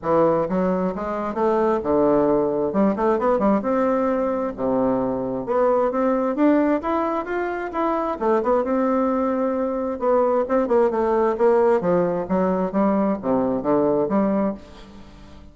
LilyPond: \new Staff \with { instrumentName = "bassoon" } { \time 4/4 \tempo 4 = 132 e4 fis4 gis4 a4 | d2 g8 a8 b8 g8 | c'2 c2 | b4 c'4 d'4 e'4 |
f'4 e'4 a8 b8 c'4~ | c'2 b4 c'8 ais8 | a4 ais4 f4 fis4 | g4 c4 d4 g4 | }